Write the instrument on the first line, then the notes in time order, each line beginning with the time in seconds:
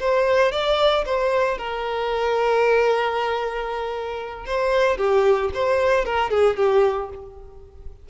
violin
0.00 C5
0.52 D5
1.06 C5
1.58 A#4
4.46 C5
4.98 G4
5.54 C5
6.05 A#4
6.30 G#4
6.57 G4